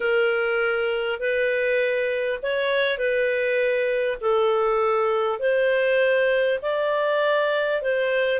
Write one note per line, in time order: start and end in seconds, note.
0.00 1.19 A#4
1.19 2.39 B4
2.42 2.98 C#5
2.98 4.18 B4
4.21 5.39 A4
5.39 6.59 C5
6.62 7.82 D5
7.82 8.39 C5